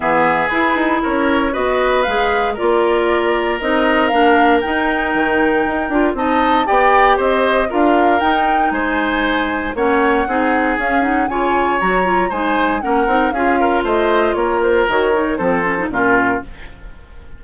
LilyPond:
<<
  \new Staff \with { instrumentName = "flute" } { \time 4/4 \tempo 4 = 117 e''4 b'4 cis''4 dis''4 | f''4 d''2 dis''4 | f''4 g''2. | a''4 g''4 dis''4 f''4 |
g''4 gis''2 fis''4~ | fis''4 f''8 fis''8 gis''4 ais''4 | gis''4 fis''4 f''4 dis''4 | cis''8 c''8 cis''4 c''4 ais'4 | }
  \new Staff \with { instrumentName = "oboe" } { \time 4/4 gis'2 ais'4 b'4~ | b'4 ais'2.~ | ais'1 | dis''4 d''4 c''4 ais'4~ |
ais'4 c''2 cis''4 | gis'2 cis''2 | c''4 ais'4 gis'8 ais'8 c''4 | ais'2 a'4 f'4 | }
  \new Staff \with { instrumentName = "clarinet" } { \time 4/4 b4 e'2 fis'4 | gis'4 f'2 dis'4 | d'4 dis'2~ dis'8 f'8 | dis'4 g'2 f'4 |
dis'2. cis'4 | dis'4 cis'8 dis'8 f'4 fis'8 f'8 | dis'4 cis'8 dis'8 f'2~ | f'4 fis'8 dis'8 c'8 cis'16 dis'16 cis'4 | }
  \new Staff \with { instrumentName = "bassoon" } { \time 4/4 e4 e'8 dis'8 cis'4 b4 | gis4 ais2 c'4 | ais4 dis'4 dis4 dis'8 d'8 | c'4 b4 c'4 d'4 |
dis'4 gis2 ais4 | c'4 cis'4 cis4 fis4 | gis4 ais8 c'8 cis'4 a4 | ais4 dis4 f4 ais,4 | }
>>